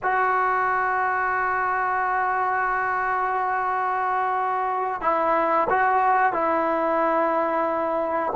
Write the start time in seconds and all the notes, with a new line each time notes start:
0.02 F#4
5.01 E4
5.69 F#4
6.32 E4